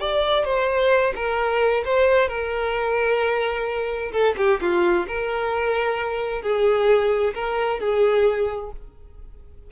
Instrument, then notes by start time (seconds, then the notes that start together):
violin
0.00 D5
0.44 C5
1.15 A#4
1.85 C5
2.28 A#4
4.12 A4
4.37 G4
4.61 F4
5.07 A#4
6.42 G#4
7.34 A#4
7.79 G#4